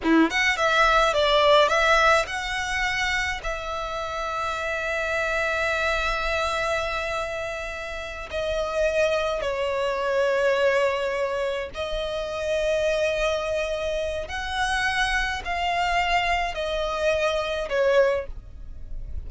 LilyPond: \new Staff \with { instrumentName = "violin" } { \time 4/4 \tempo 4 = 105 e'8 fis''8 e''4 d''4 e''4 | fis''2 e''2~ | e''1~ | e''2~ e''8 dis''4.~ |
dis''8 cis''2.~ cis''8~ | cis''8 dis''2.~ dis''8~ | dis''4 fis''2 f''4~ | f''4 dis''2 cis''4 | }